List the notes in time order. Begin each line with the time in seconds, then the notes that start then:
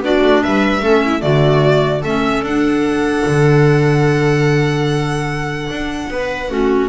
0.00 B3 D4 F#4 D5
0.24 A3
0.43 G3 B4 E5
0.81 A3 C#4 A4
1.05 E4
1.20 D3 A3 F#4 D5
2.01 A3 C#4 A4 E5
2.41 D4 F#5
3.26 D3
5.70 D4
6.09 B3 B4
6.49 A3 C#4 F#4